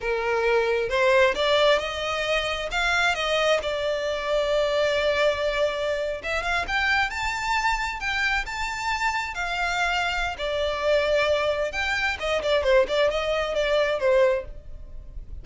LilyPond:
\new Staff \with { instrumentName = "violin" } { \time 4/4 \tempo 4 = 133 ais'2 c''4 d''4 | dis''2 f''4 dis''4 | d''1~ | d''4.~ d''16 e''8 f''8 g''4 a''16~ |
a''4.~ a''16 g''4 a''4~ a''16~ | a''8. f''2~ f''16 d''4~ | d''2 g''4 dis''8 d''8 | c''8 d''8 dis''4 d''4 c''4 | }